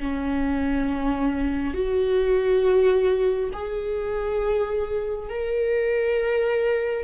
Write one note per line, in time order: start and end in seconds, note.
0.00 1.74 C#4
1.74 3.51 F#4
3.53 5.30 G#4
5.30 7.05 A#4